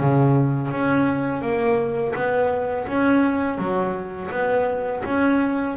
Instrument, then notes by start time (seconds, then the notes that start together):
double bass
0.00 C#3
0.71 C#4
1.42 A#3
2.15 B3
2.87 C#4
3.58 F#3
4.31 B3
5.04 C#4